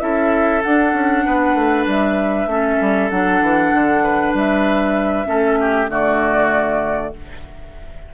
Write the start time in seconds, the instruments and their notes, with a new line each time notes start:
0.00 bassoon C#4, clarinet E4, oboe A4, flute E5
0.63 clarinet D4, bassoon D4, flute F#5
0.94 bassoon C#4
1.26 bassoon B3, oboe B4
1.55 bassoon A3
1.87 bassoon G3, flute E5
2.47 bassoon A3, clarinet C#4, oboe A4
2.81 bassoon G3
3.10 bassoon F#3, clarinet D4, flute F#5
3.42 bassoon E3
3.73 bassoon D3
4.04 oboe B4
4.34 bassoon G3, flute E5
5.26 bassoon A3, clarinet C#4, oboe A4
5.60 oboe G4
5.89 bassoon D3, clarinet A3, oboe F#4, flute D5